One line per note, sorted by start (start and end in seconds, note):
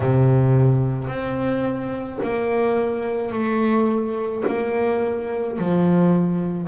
0.00 1.07 C3
1.07 2.18 C4
2.22 3.32 A#3
3.32 4.43 A3
4.47 5.58 A#3
5.58 6.67 F3